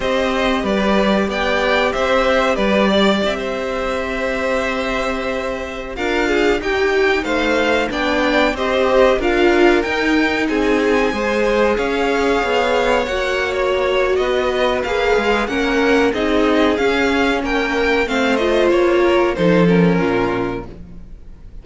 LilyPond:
<<
  \new Staff \with { instrumentName = "violin" } { \time 4/4 \tempo 4 = 93 dis''4 d''4 g''4 e''4 | d''4 e''2.~ | e''4~ e''16 f''4 g''4 f''8.~ | f''16 g''4 dis''4 f''4 g''8.~ |
g''16 gis''2 f''4.~ f''16~ | f''16 fis''8. cis''4 dis''4 f''4 | fis''4 dis''4 f''4 g''4 | f''8 dis''8 cis''4 c''8 ais'4. | }
  \new Staff \with { instrumentName = "violin" } { \time 4/4 c''4 b'4 d''4 c''4 | b'8 d''8. c''2~ c''8.~ | c''4~ c''16 ais'8 gis'8 g'4 c''8.~ | c''16 d''4 c''4 ais'4.~ ais'16~ |
ais'16 gis'4 c''4 cis''4.~ cis''16~ | cis''2 b'2 | ais'4 gis'2 ais'4 | c''4. ais'8 a'4 f'4 | }
  \new Staff \with { instrumentName = "viola" } { \time 4/4 g'1~ | g'1~ | g'4~ g'16 f'4 dis'4.~ dis'16~ | dis'16 d'4 g'4 f'4 dis'8.~ |
dis'4~ dis'16 gis'2~ gis'8.~ | gis'16 fis'2~ fis'8. gis'4 | cis'4 dis'4 cis'2 | c'8 f'4. dis'8 cis'4. | }
  \new Staff \with { instrumentName = "cello" } { \time 4/4 c'4 g4 b4 c'4 | g4 c'2.~ | c'4~ c'16 d'4 dis'4 a8.~ | a16 b4 c'4 d'4 dis'8.~ |
dis'16 c'4 gis4 cis'4 b8.~ | b16 ais4.~ ais16 b4 ais8 gis8 | ais4 c'4 cis'4 ais4 | a4 ais4 f4 ais,4 | }
>>